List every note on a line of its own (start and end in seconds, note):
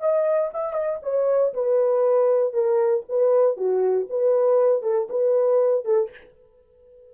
0.00 0.51 D#5
0.54 0.73 E5
0.73 0.99 D#5
1.02 1.53 C#5
1.54 2.53 B4
2.53 3.04 A#4
3.09 3.57 B4
3.57 4.07 F#4
4.10 4.83 B4
4.83 5.08 A4
5.10 5.85 B4
5.85 6.10 A4